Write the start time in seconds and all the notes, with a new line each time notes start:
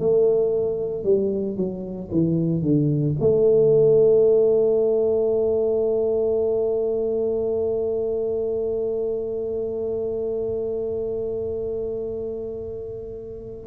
0.00 A3
1.04 G3
1.57 F#3
2.12 E3
2.62 D3
3.20 A3